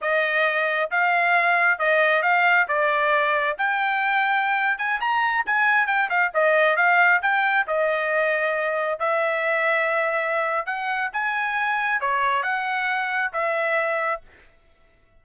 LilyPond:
\new Staff \with { instrumentName = "trumpet" } { \time 4/4 \tempo 4 = 135 dis''2 f''2 | dis''4 f''4 d''2 | g''2~ g''8. gis''8 ais''8.~ | ais''16 gis''4 g''8 f''8 dis''4 f''8.~ |
f''16 g''4 dis''2~ dis''8.~ | dis''16 e''2.~ e''8. | fis''4 gis''2 cis''4 | fis''2 e''2 | }